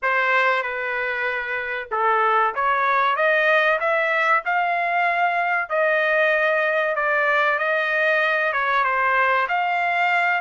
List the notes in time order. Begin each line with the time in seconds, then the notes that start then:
0.02 C5
0.62 B4
1.91 A4
2.54 C#5
3.16 D#5
3.80 E5
4.45 F5
5.69 D#5
6.95 D5
7.58 D#5
8.53 C#5
8.84 C5
9.48 F5